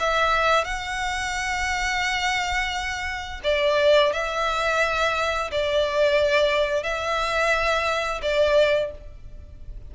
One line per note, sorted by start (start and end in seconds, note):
0.00 0.65 E5
0.65 3.41 F#5
3.44 4.13 D5
4.13 5.51 E5
5.51 6.83 D5
6.83 8.21 E5
8.23 8.92 D5